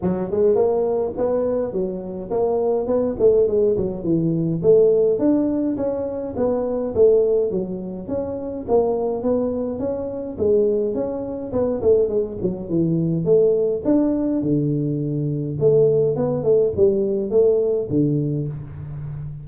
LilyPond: \new Staff \with { instrumentName = "tuba" } { \time 4/4 \tempo 4 = 104 fis8 gis8 ais4 b4 fis4 | ais4 b8 a8 gis8 fis8 e4 | a4 d'4 cis'4 b4 | a4 fis4 cis'4 ais4 |
b4 cis'4 gis4 cis'4 | b8 a8 gis8 fis8 e4 a4 | d'4 d2 a4 | b8 a8 g4 a4 d4 | }